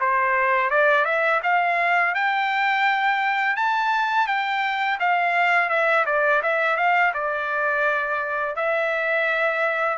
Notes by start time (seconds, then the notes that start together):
0.00 C5
0.70 D5
1.05 E5
1.43 F5
2.14 G5
3.56 A5
4.27 G5
5.00 F5
5.69 E5
6.06 D5
6.43 E5
6.77 F5
7.14 D5
8.56 E5